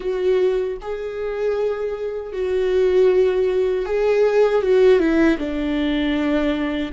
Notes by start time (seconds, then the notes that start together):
0.00 F#4
0.81 G#4
2.33 F#4
3.85 G#4
4.62 F#4
4.99 E4
5.37 D4